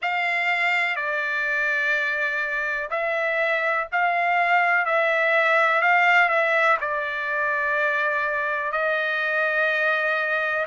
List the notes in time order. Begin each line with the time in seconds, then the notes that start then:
0.01 F5
0.96 D5
2.90 E5
3.91 F5
4.85 E5
5.81 F5
6.28 E5
6.80 D5
8.72 D#5